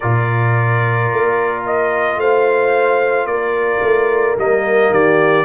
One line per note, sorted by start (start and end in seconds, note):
0.00 1.12 A#2
0.00 4.37 F4
0.00 2.18 A#4
0.00 1.63 D5
1.12 2.16 A#3
1.65 2.20 D#5
2.16 3.25 A3
2.16 3.28 C5
2.16 3.26 F5
3.25 3.80 A#3
3.25 4.91 A#4
3.25 4.35 D5
3.81 4.36 A3
4.37 4.89 G3
4.37 5.44 A#3
4.37 4.93 D#5
4.89 5.44 D#3
4.89 5.44 G4
4.89 5.44 D5